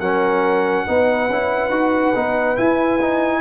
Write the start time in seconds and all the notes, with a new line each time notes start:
0.00 F#3 C#4 A#4 F#5
0.86 B3 D#4 B4
1.30 C#4 E4
1.70 D#4 F#4
2.16 B3 D#4
2.57 E4 G#5
3.01 D#4